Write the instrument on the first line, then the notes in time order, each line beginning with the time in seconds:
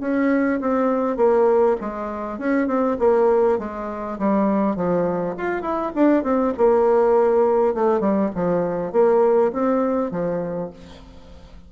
bassoon
0.00 C#4
0.60 C4
1.16 A#3
1.80 G#3
2.38 C#4
2.67 C4
2.99 A#3
3.59 G#3
4.19 G3
4.76 F3
5.37 F4
5.62 E4
5.95 D4
6.23 C4
6.57 A#3
7.74 A3
8.00 G3
8.35 F3
8.92 A#3
9.52 C4
10.11 F3